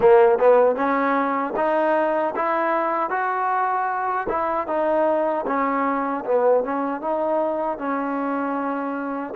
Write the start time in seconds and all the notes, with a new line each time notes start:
0.00 A#3
0.39 B3
0.75 C#4
1.56 D#4
2.35 E4
3.10 F#4
4.28 E4
4.67 D#4
5.46 C#4
6.25 B3
6.64 C#4
7.01 D#4
7.77 C#4